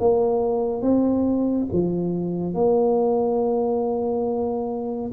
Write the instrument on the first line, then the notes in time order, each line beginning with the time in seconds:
tuba
0.00 A#3
0.82 C4
1.72 F3
2.54 A#3